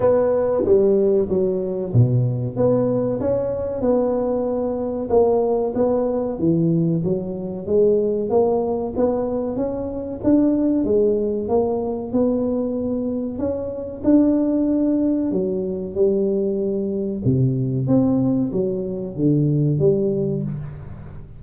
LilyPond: \new Staff \with { instrumentName = "tuba" } { \time 4/4 \tempo 4 = 94 b4 g4 fis4 b,4 | b4 cis'4 b2 | ais4 b4 e4 fis4 | gis4 ais4 b4 cis'4 |
d'4 gis4 ais4 b4~ | b4 cis'4 d'2 | fis4 g2 c4 | c'4 fis4 d4 g4 | }